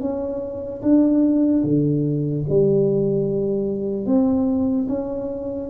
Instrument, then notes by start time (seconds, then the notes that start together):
tuba
0.00 C#4
0.82 D4
1.63 D3
2.49 G3
4.06 C4
4.88 C#4